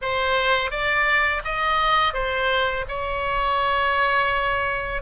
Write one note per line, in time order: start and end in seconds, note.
0.01 0.70 C5
0.70 1.42 D5
1.44 2.13 D#5
2.13 2.84 C5
2.88 5.02 C#5